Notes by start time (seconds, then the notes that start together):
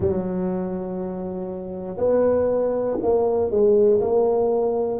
0.00 F#3
1.97 B3
3.02 A#3
3.50 G#3
4.00 A#3